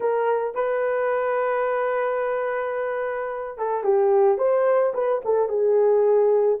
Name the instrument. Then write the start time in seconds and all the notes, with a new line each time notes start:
horn
0.00 A#4
0.55 B4
3.57 A4
3.83 G4
4.38 C5
4.94 B4
5.24 A4
5.48 G#4